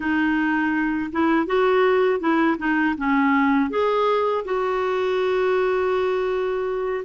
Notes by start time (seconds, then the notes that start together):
0.00 D#4
1.12 E4
1.46 F#4
2.20 E4
2.58 D#4
2.97 C#4
3.70 G#4
4.44 F#4